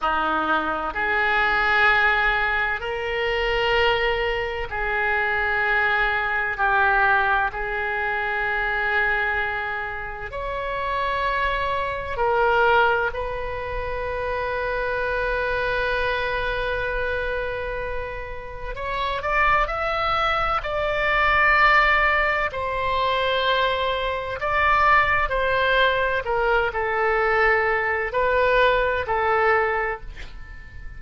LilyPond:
\new Staff \with { instrumentName = "oboe" } { \time 4/4 \tempo 4 = 64 dis'4 gis'2 ais'4~ | ais'4 gis'2 g'4 | gis'2. cis''4~ | cis''4 ais'4 b'2~ |
b'1 | cis''8 d''8 e''4 d''2 | c''2 d''4 c''4 | ais'8 a'4. b'4 a'4 | }